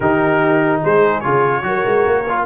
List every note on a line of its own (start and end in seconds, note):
0.00 0.82 D#3
0.00 1.23 D#4
0.00 0.81 G4
0.00 0.80 A#4
0.82 1.24 G#3
0.82 1.64 G#4
0.82 1.20 C5
1.20 1.62 C#3
1.20 1.62 F4
1.20 2.43 C#5
1.62 1.83 F#3
1.62 2.24 F#4
1.62 2.45 A#4
1.85 2.06 G#3
2.06 2.45 A#3
2.28 2.45 F4